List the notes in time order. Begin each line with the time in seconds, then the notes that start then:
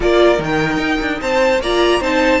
0.00 A#3 F4 A#4 D5
0.37 D#3 D#4
0.44 G5
0.77 D#4
1.00 D4
1.21 C4 C5 A5
1.60 A#3 F4 D5 A#5
2.00 C4 D#4 C5 A5